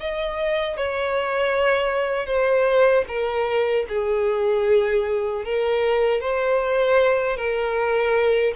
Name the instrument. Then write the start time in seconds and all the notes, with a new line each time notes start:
violin
0.00 D#5
0.77 C#5
2.27 C5
3.08 A#4
3.89 G#4
5.45 A#4
6.21 C5
7.37 A#4